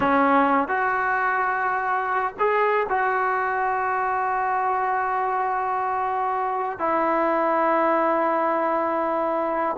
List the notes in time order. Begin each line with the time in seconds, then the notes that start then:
0.00 C#4
0.68 F#4
2.39 G#4
2.89 F#4
6.78 E4